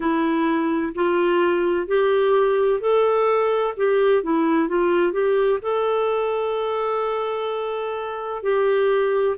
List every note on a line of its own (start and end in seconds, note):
0.00 0.93 E4
0.94 1.87 F4
1.87 2.80 G4
2.80 3.74 A4
3.77 4.23 G4
4.23 4.68 E4
4.68 5.12 F4
5.12 5.59 G4
5.62 8.42 A4
8.42 9.36 G4